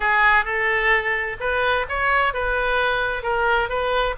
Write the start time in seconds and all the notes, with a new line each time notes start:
0.00 G#4
0.44 A4
1.40 B4
1.88 C#5
2.33 B4
3.22 A#4
3.69 B4